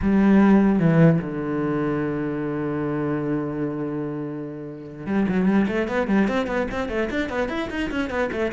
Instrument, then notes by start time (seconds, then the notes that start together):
cello
0.01 G3
0.79 E3
1.21 D3
5.06 G3
5.28 F#3
5.46 G3
5.67 A3
5.87 B3
6.07 G3
6.28 C4
6.47 B3
6.71 C4
6.88 A3
7.10 D4
7.29 B3
7.48 E4
7.70 D#4
7.91 C#4
8.10 B3
8.31 A3